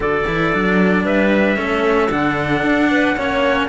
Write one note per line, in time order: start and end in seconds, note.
0.00 0.26 D3
0.00 0.24 F#4
0.00 1.04 A4
0.00 1.05 D5
0.27 0.53 E3
0.27 0.52 E4
0.52 1.04 F#3
0.52 1.55 D4
1.04 1.57 G3
1.04 1.57 B4
1.04 2.11 E5
1.55 2.11 A3
1.55 2.08 C#4
1.55 2.88 A4
2.11 2.62 D3
2.11 3.16 D4
2.11 3.68 F#5
2.62 3.15 D4
2.90 3.16 B4
3.16 3.68 A#3
3.16 3.68 C#4
3.16 3.68 C#5